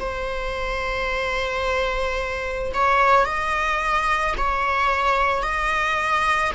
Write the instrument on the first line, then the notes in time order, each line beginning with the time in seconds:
viola
0.00 C5
2.74 C#5
3.25 D#5
4.37 C#5
5.42 D#5